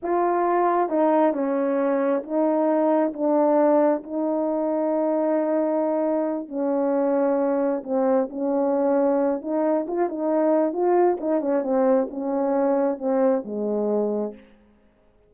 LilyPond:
\new Staff \with { instrumentName = "horn" } { \time 4/4 \tempo 4 = 134 f'2 dis'4 cis'4~ | cis'4 dis'2 d'4~ | d'4 dis'2.~ | dis'2~ dis'8 cis'4.~ |
cis'4. c'4 cis'4.~ | cis'4 dis'4 f'8 dis'4. | f'4 dis'8 cis'8 c'4 cis'4~ | cis'4 c'4 gis2 | }